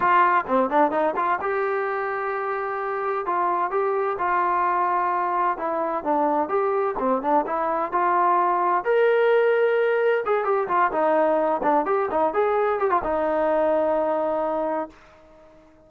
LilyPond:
\new Staff \with { instrumentName = "trombone" } { \time 4/4 \tempo 4 = 129 f'4 c'8 d'8 dis'8 f'8 g'4~ | g'2. f'4 | g'4 f'2. | e'4 d'4 g'4 c'8 d'8 |
e'4 f'2 ais'4~ | ais'2 gis'8 g'8 f'8 dis'8~ | dis'4 d'8 g'8 dis'8 gis'4 g'16 f'16 | dis'1 | }